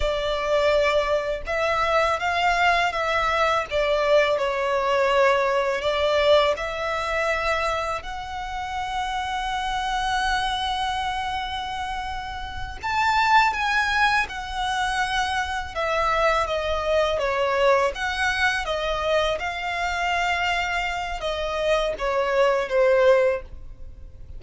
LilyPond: \new Staff \with { instrumentName = "violin" } { \time 4/4 \tempo 4 = 82 d''2 e''4 f''4 | e''4 d''4 cis''2 | d''4 e''2 fis''4~ | fis''1~ |
fis''4. a''4 gis''4 fis''8~ | fis''4. e''4 dis''4 cis''8~ | cis''8 fis''4 dis''4 f''4.~ | f''4 dis''4 cis''4 c''4 | }